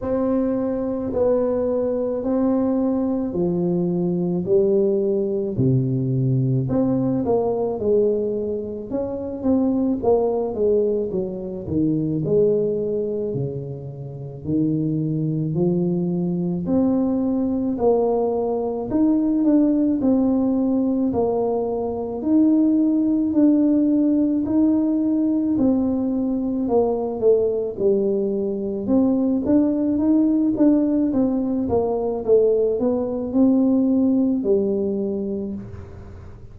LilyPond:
\new Staff \with { instrumentName = "tuba" } { \time 4/4 \tempo 4 = 54 c'4 b4 c'4 f4 | g4 c4 c'8 ais8 gis4 | cis'8 c'8 ais8 gis8 fis8 dis8 gis4 | cis4 dis4 f4 c'4 |
ais4 dis'8 d'8 c'4 ais4 | dis'4 d'4 dis'4 c'4 | ais8 a8 g4 c'8 d'8 dis'8 d'8 | c'8 ais8 a8 b8 c'4 g4 | }